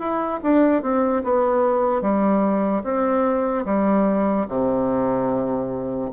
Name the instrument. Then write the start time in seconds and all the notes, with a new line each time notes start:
bassoon
0.00 E4
0.43 D4
0.83 C4
1.24 B3
2.02 G3
2.84 C4
3.66 G3
4.49 C3